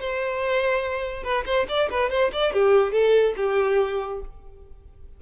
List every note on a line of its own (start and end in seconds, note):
0.00 1.23 C5
1.23 1.44 B4
1.46 1.67 C5
1.68 1.89 D5
1.91 2.10 B4
2.10 2.31 C5
2.32 2.53 D5
2.53 2.92 G4
2.92 3.34 A4
3.37 4.21 G4